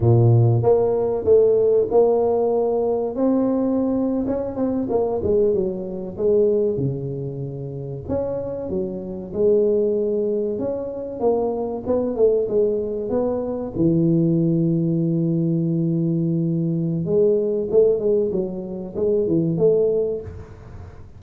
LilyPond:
\new Staff \with { instrumentName = "tuba" } { \time 4/4 \tempo 4 = 95 ais,4 ais4 a4 ais4~ | ais4 c'4.~ c'16 cis'8 c'8 ais16~ | ais16 gis8 fis4 gis4 cis4~ cis16~ | cis8. cis'4 fis4 gis4~ gis16~ |
gis8. cis'4 ais4 b8 a8 gis16~ | gis8. b4 e2~ e16~ | e2. gis4 | a8 gis8 fis4 gis8 e8 a4 | }